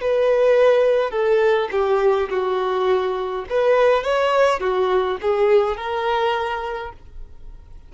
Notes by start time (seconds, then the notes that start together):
0.00 B4
1.11 A4
1.71 G4
2.29 F#4
3.49 B4
4.03 C#5
4.59 F#4
5.21 G#4
5.76 A#4